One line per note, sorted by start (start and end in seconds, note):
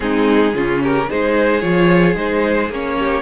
0.00 0.54 G#3
0.00 0.52 C4
0.00 0.55 D#4
0.00 0.80 G#4
0.54 1.08 C#3
0.54 1.09 C#4
0.54 0.81 F4
0.81 1.08 G4
0.81 1.10 A#4
1.09 1.62 G#3
1.09 1.61 D#4
1.09 2.98 G#4
1.09 1.60 C5
1.60 2.16 F3
1.60 2.14 F4
1.60 2.15 C#5
2.14 2.69 G#3
2.14 2.68 D#4
2.14 2.71 C5
2.69 3.22 A#3
2.69 3.22 C#4
2.69 3.22 C#5
2.98 3.22 G4